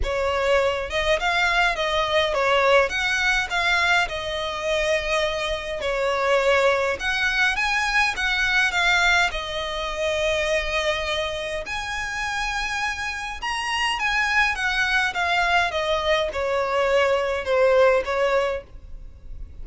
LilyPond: \new Staff \with { instrumentName = "violin" } { \time 4/4 \tempo 4 = 103 cis''4. dis''8 f''4 dis''4 | cis''4 fis''4 f''4 dis''4~ | dis''2 cis''2 | fis''4 gis''4 fis''4 f''4 |
dis''1 | gis''2. ais''4 | gis''4 fis''4 f''4 dis''4 | cis''2 c''4 cis''4 | }